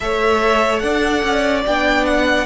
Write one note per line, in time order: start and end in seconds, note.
0.00 0.83 A3
0.00 1.65 A4
0.00 0.83 C#5
0.00 0.79 E5
0.79 1.23 D4
0.79 2.46 D5
0.79 1.61 F#5
1.23 1.64 C#4
1.66 2.46 B3
1.66 2.46 D4
1.66 2.05 G5
2.05 2.46 F#5